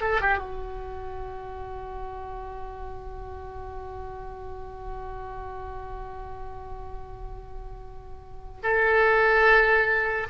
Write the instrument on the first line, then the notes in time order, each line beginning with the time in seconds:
oboe
0.00 A4
0.21 G4
0.37 F#4
8.63 A4